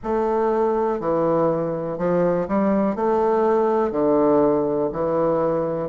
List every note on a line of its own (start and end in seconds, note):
0.03 1.00 A3
1.00 1.98 E3
1.98 2.47 F3
2.48 2.95 G3
2.95 3.91 A3
3.91 4.90 D3
4.92 5.89 E3